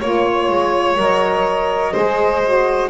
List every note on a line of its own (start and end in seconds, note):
0.00 0.49 A#3
0.00 0.96 F4
0.00 0.97 C#5
0.00 1.93 C#5
0.49 0.97 G#3
0.96 1.93 F#3
0.96 1.92 A#4
0.96 2.89 D#5
1.93 2.89 G#3
1.93 2.43 G#4
1.93 2.89 C5
2.45 2.89 F#4